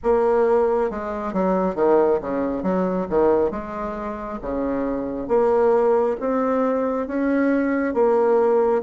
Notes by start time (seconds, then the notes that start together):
0.03 A#3
0.90 G#3
1.33 F#3
1.75 D#3
2.21 C#3
2.62 F#3
3.09 D#3
3.51 G#3
4.41 C#3
5.28 A#3
6.20 C4
7.07 C#4
7.94 A#3